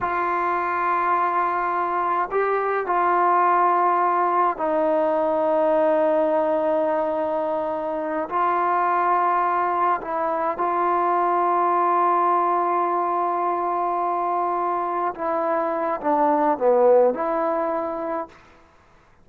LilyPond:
\new Staff \with { instrumentName = "trombone" } { \time 4/4 \tempo 4 = 105 f'1 | g'4 f'2. | dis'1~ | dis'2~ dis'8 f'4.~ |
f'4. e'4 f'4.~ | f'1~ | f'2~ f'8 e'4. | d'4 b4 e'2 | }